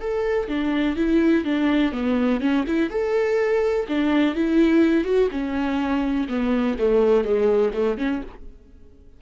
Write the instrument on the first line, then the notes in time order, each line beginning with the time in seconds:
viola
0.00 A4
0.48 D4
0.96 E4
1.45 D4
1.92 B3
2.40 C#4
2.67 E4
2.89 A4
3.88 D4
4.35 E4
5.04 F#4
5.31 C#4
6.28 B3
6.79 A3
7.24 G#3
7.74 A3
7.98 C#4